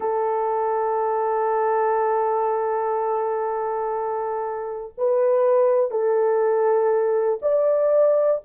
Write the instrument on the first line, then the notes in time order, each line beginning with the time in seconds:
horn
0.00 A4
4.97 B4
5.91 A4
7.42 D5